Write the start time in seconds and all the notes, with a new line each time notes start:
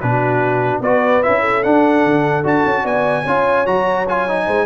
0.00 B2 D4 F#4 B4
0.80 B3 F#4 B4 D5
1.23 C#4 E4 E5
1.40 A4
1.63 D4 F#5
2.05 D3
2.43 D4 F#4 A5
2.65 C#4
2.83 B3 D5 G#5
3.23 C#4 F4 C#5
3.66 F#3 F#4 A#5
4.08 F4 G#5
4.28 D#4
4.46 G#3 C5